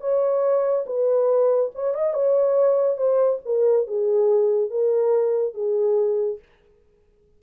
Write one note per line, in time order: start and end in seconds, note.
0.00 0.85 C#5
0.85 1.71 B4
1.74 1.94 C#5
1.94 2.14 D#5
2.14 2.97 C#5
2.97 3.39 C5
3.45 3.87 A#4
3.87 4.70 G#4
4.70 5.54 A#4
5.54 6.39 G#4